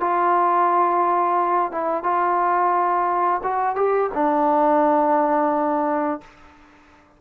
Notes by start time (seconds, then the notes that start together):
0.00 F4
1.72 E4
2.03 F4
3.43 F#4
3.76 G4
4.14 D4